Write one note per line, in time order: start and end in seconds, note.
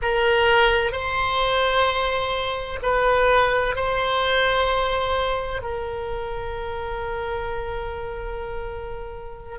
0.02 0.92 A#4
0.92 2.79 C5
2.82 3.75 B4
3.75 5.62 C5
5.62 9.58 A#4